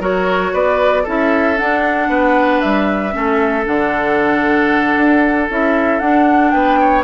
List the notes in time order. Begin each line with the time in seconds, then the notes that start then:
0.00 F#3 F#4 A#4 C#5
0.54 B3 B4 D5
1.04 C#4 E4 A4 E5
1.57 D4 F#5
2.09 B3 B4
2.61 G3 E5
3.12 A3 C#4 A4
3.66 D3 D4 F#5
4.97 D4
5.50 C#4 E4 E5
6.00 D4 F#5
6.51 B3 B4 G5
6.81 C#5